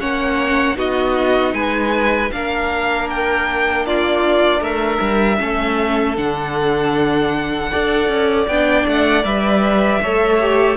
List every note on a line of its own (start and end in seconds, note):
0.00 0.77 A#3
0.00 0.75 C#4
0.00 0.77 C#5
0.00 0.77 F#5
0.75 1.53 B3
0.75 2.29 D#4
0.75 1.54 F#4
0.75 1.54 D#5
1.53 2.30 G#3
1.53 2.31 B4
1.53 2.31 G#5
2.32 4.59 A#3
2.32 5.38 D4
2.32 3.87 A#4
2.32 3.08 F5
3.10 3.86 G5
3.86 4.60 F4
3.86 4.63 D5
4.59 4.98 A3
4.59 5.37 A#4
4.59 6.17 E5
5.01 5.39 G3
5.38 6.17 A3
5.38 6.15 C#4
5.38 7.71 A4
6.17 7.71 D3
6.17 7.71 D4
6.17 8.47 F#5
7.71 8.08 D4
7.71 8.48 A4
7.71 10.02 D5
8.08 8.47 C#4
8.47 8.86 B3
8.47 9.23 D4
8.47 8.86 G5
8.87 9.24 A3
8.87 9.24 F#5
9.23 10.01 G3
9.23 10.00 B4
9.23 10.77 E5
10.03 10.77 A3
10.03 10.40 A4
10.03 10.77 C#5
10.40 10.77 G4